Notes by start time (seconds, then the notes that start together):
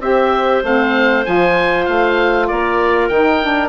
0.00 C4 G4 C5 E5
0.63 A3 C4 F5
1.25 F3 F4 G#5
1.85 A3 F5
2.48 A#3 A#4 D5
3.09 D#3 D#4 G5
3.42 D4